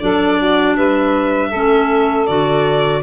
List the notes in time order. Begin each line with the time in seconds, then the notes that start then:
0.00 F#3 D4 A4 D5
0.38 F#4
0.76 G3 B4 E5
1.49 A3 C#4 A4
2.26 D3 F#4 D5